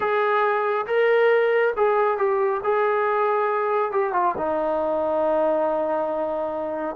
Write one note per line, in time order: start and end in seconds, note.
0.00 0.86 G#4
0.86 1.73 A#4
1.76 2.17 G#4
2.17 2.60 G4
2.63 3.91 G#4
3.91 4.13 G4
4.13 4.34 F4
4.37 6.96 D#4